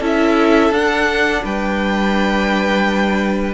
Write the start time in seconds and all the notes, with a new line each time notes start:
0.00 C#4 E4 A4 E5
0.71 D4 F#5
1.44 G3 B4 G5